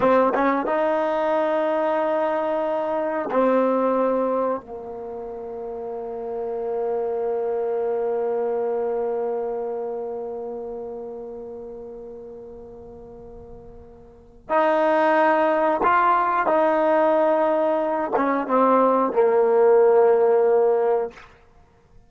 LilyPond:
\new Staff \with { instrumentName = "trombone" } { \time 4/4 \tempo 4 = 91 c'8 cis'8 dis'2.~ | dis'4 c'2 ais4~ | ais1~ | ais1~ |
ais1~ | ais2 dis'2 | f'4 dis'2~ dis'8 cis'8 | c'4 ais2. | }